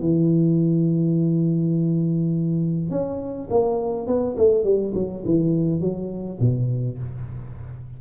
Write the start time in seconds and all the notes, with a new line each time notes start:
0.00 E3
2.90 C#4
3.50 A#3
4.07 B3
4.37 A3
4.64 G3
4.95 F#3
5.25 E3
5.80 F#3
6.40 B2